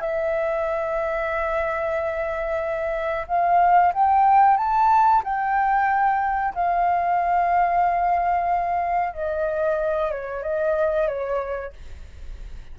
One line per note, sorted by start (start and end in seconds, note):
0.00 3.26 E5
3.27 3.92 F5
3.93 4.57 G5
4.57 5.22 A5
5.23 6.54 G5
6.54 9.13 F5
9.13 10.11 D#5
10.11 10.43 C#5
10.43 11.08 D#5
11.08 11.73 C#5